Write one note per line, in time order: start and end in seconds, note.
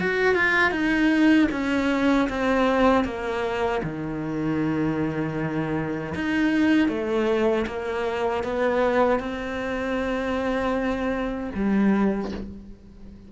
0.00 0.35 F#4
0.35 0.71 F4
0.71 1.48 D#4
1.52 2.29 C#4
2.30 3.05 C4
3.05 3.82 A#3
3.84 6.14 D#3
6.15 6.89 D#4
6.89 7.66 A3
7.67 8.44 A#3
8.44 9.20 B3
9.20 11.51 C4
11.55 12.32 G3